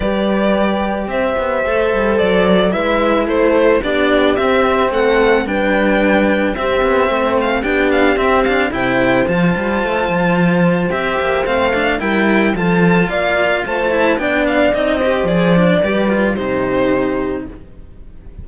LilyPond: <<
  \new Staff \with { instrumentName = "violin" } { \time 4/4 \tempo 4 = 110 d''2 e''2 | d''4 e''4 c''4 d''4 | e''4 fis''4 g''2 | e''4. f''8 g''8 f''8 e''8 f''8 |
g''4 a''2. | e''4 f''4 g''4 a''4 | f''4 a''4 g''8 f''8 dis''4 | d''2 c''2 | }
  \new Staff \with { instrumentName = "horn" } { \time 4/4 b'2 c''2~ | c''4 b'4 a'4 g'4~ | g'4 a'4 b'2 | g'4 c''4 g'2 |
c''1~ | c''2 ais'4 a'4 | d''4 c''4 d''4. c''8~ | c''4 b'4 g'2 | }
  \new Staff \with { instrumentName = "cello" } { \time 4/4 g'2. a'4~ | a'4 e'2 d'4 | c'2 d'2 | c'2 d'4 c'8 d'8 |
e'4 f'2. | g'4 c'8 d'8 e'4 f'4~ | f'4. e'8 d'4 dis'8 g'8 | gis'8 d'8 g'8 f'8 dis'2 | }
  \new Staff \with { instrumentName = "cello" } { \time 4/4 g2 c'8 b8 a8 g8 | fis4 gis4 a4 b4 | c'4 a4 g2 | c'8 b8 a4 b4 c'4 |
c4 f8 g8 a8 f4. | c'8 ais8 a4 g4 f4 | ais4 a4 b4 c'4 | f4 g4 c2 | }
>>